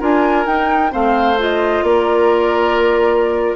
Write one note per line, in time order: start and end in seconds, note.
0.00 0.46 D4
0.00 0.46 F4
0.00 0.92 A#4
0.00 0.47 G#5
0.46 0.92 D#4
0.46 0.91 D#4
0.46 0.93 G5
0.91 1.83 A3
0.91 1.37 C4
0.91 1.85 C5
0.91 1.40 F5
1.39 3.56 F4
1.39 1.85 D#5
1.83 3.56 A#3
1.83 3.56 A#4
1.83 3.56 D5